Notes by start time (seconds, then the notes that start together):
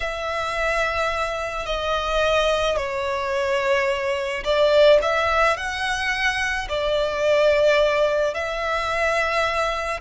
0.00 E5
1.65 D#5
2.77 C#5
4.44 D5
5.02 E5
5.57 F#5
6.68 D5
8.33 E5